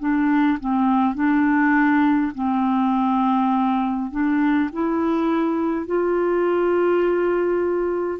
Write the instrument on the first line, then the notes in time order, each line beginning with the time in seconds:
clarinet
0.00 D4
0.60 C4
1.15 D4
2.35 C4
4.11 D4
4.73 E4
5.87 F4